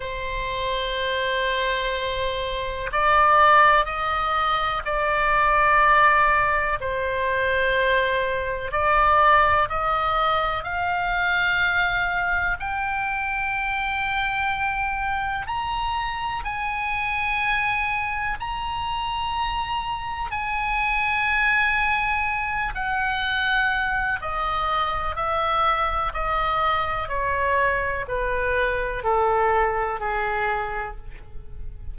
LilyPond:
\new Staff \with { instrumentName = "oboe" } { \time 4/4 \tempo 4 = 62 c''2. d''4 | dis''4 d''2 c''4~ | c''4 d''4 dis''4 f''4~ | f''4 g''2. |
ais''4 gis''2 ais''4~ | ais''4 gis''2~ gis''8 fis''8~ | fis''4 dis''4 e''4 dis''4 | cis''4 b'4 a'4 gis'4 | }